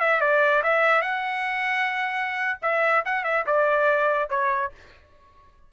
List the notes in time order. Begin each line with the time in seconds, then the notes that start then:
0.00 E5
0.21 D5
0.63 E5
1.02 F#5
2.62 E5
3.05 F#5
3.24 E5
3.47 D5
4.29 C#5